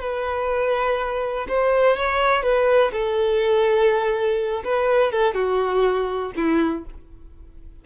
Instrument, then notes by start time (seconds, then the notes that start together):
violin
0.00 B4
1.48 C5
1.96 C#5
2.43 B4
2.92 A4
4.64 B4
5.12 A4
5.34 F#4
6.36 E4